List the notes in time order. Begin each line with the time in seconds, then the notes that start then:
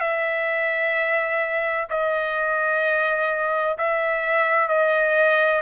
0.00 E5
1.90 D#5
3.78 E5
4.68 D#5